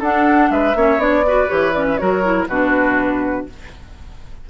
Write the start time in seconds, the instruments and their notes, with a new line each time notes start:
0.00 bassoon D4, clarinet D4, oboe A4, flute F#5
0.51 bassoon G#3, oboe B4, flute E5
0.75 bassoon A#3, clarinet C#4, oboe C#5
0.98 bassoon B3, clarinet D4, flute D5
1.27 clarinet F#4, oboe B4
1.48 bassoon E3, clarinet G4, flute C#5
1.73 clarinet C#4, flute D5
1.88 flute E5
1.98 bassoon F#3, clarinet F#4, oboe A#4, flute C#5
2.24 clarinet E4
2.48 bassoon B2, clarinet D4, oboe F#4, flute B4